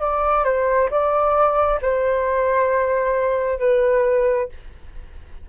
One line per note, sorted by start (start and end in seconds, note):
0.00 0.44 D5
0.44 0.89 C5
0.90 1.80 D5
1.81 3.59 C5
3.59 4.48 B4